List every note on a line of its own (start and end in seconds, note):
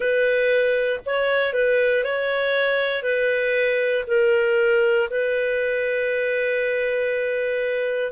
0.00 1.00 B4
1.05 1.53 C#5
1.53 2.03 B4
2.03 3.02 C#5
3.02 4.04 B4
4.07 5.08 A#4
5.10 8.11 B4